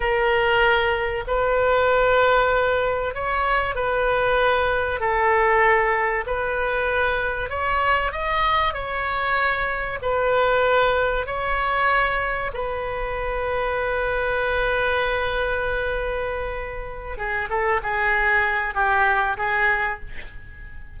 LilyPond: \new Staff \with { instrumentName = "oboe" } { \time 4/4 \tempo 4 = 96 ais'2 b'2~ | b'4 cis''4 b'2 | a'2 b'2 | cis''4 dis''4 cis''2 |
b'2 cis''2 | b'1~ | b'2.~ b'8 gis'8 | a'8 gis'4. g'4 gis'4 | }